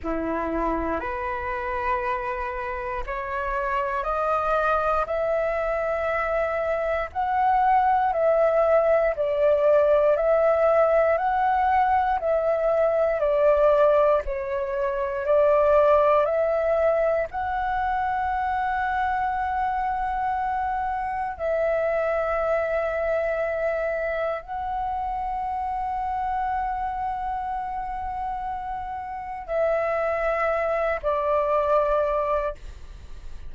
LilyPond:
\new Staff \with { instrumentName = "flute" } { \time 4/4 \tempo 4 = 59 e'4 b'2 cis''4 | dis''4 e''2 fis''4 | e''4 d''4 e''4 fis''4 | e''4 d''4 cis''4 d''4 |
e''4 fis''2.~ | fis''4 e''2. | fis''1~ | fis''4 e''4. d''4. | }